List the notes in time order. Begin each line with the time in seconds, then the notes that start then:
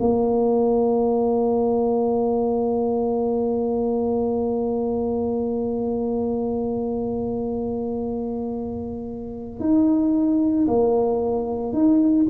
0.00 A#3
9.60 D#4
10.68 A#3
11.73 D#4